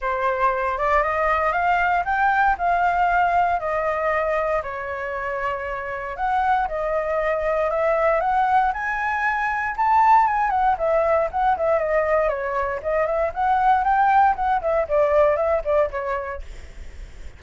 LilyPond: \new Staff \with { instrumentName = "flute" } { \time 4/4 \tempo 4 = 117 c''4. d''8 dis''4 f''4 | g''4 f''2 dis''4~ | dis''4 cis''2. | fis''4 dis''2 e''4 |
fis''4 gis''2 a''4 | gis''8 fis''8 e''4 fis''8 e''8 dis''4 | cis''4 dis''8 e''8 fis''4 g''4 | fis''8 e''8 d''4 e''8 d''8 cis''4 | }